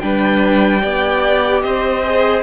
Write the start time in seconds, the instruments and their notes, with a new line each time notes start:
0.00 cello G3, viola D4, violin B4 G5
0.81 cello B3, viola G4, violin D5
1.61 cello C4, violin C5 D#5
2.05 viola G#4